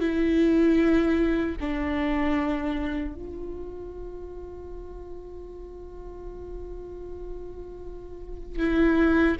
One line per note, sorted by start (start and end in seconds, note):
0.00 1.56 E4
1.61 3.15 D4
3.15 8.59 F4
8.59 9.37 E4